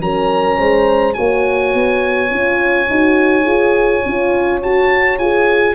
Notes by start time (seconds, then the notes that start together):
0.00 F#3 C#4 A#4 A#5
0.58 G#3 C5
1.14 A#3 F#4 C#5 G#5
1.74 B3
2.30 C#4 F4
2.90 D#4 F#4
3.44 F4 G#4
4.06 C#4 F4
4.63 F#4 A5
5.19 F4 G#4 G#5